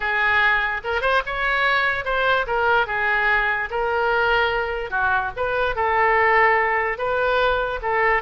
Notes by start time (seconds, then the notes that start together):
0.00 G#4
0.83 A#4
1.01 C5
1.26 C#5
2.05 C5
2.47 A#4
2.87 G#4
3.70 A#4
4.90 F#4
5.36 B4
5.75 A4
6.98 B4
7.82 A4